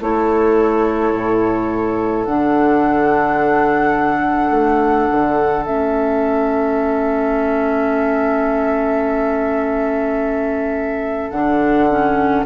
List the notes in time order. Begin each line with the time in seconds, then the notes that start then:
0.00 A3 E4 A4 C#5
1.12 A2
2.24 D3 D4 F#5
4.50 A3
5.11 D3
5.65 A3 C#4 E5
11.30 D3 D4 F#5
11.90 C#4